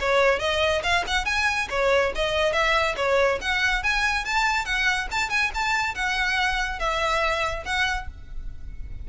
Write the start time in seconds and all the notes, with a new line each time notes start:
0.00 C#5
0.39 D#5
0.83 F5
1.07 F#5
1.25 G#5
1.70 C#5
2.15 D#5
2.53 E5
2.97 C#5
3.41 F#5
3.83 G#5
4.25 A5
4.65 F#5
5.11 A5
5.30 G#5
5.54 A5
5.95 F#5
6.79 E5
7.65 F#5